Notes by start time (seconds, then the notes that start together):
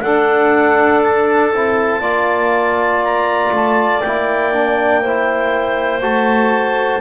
0.00 D4 A4 F#5
1.03 A5
1.52 C4 E4
2.00 A#3 F4 D5
3.03 A#5
3.51 A3 A5
4.00 A#3 E4 G5
4.53 D4
5.02 E4 C5
6.01 A3 F#4 A5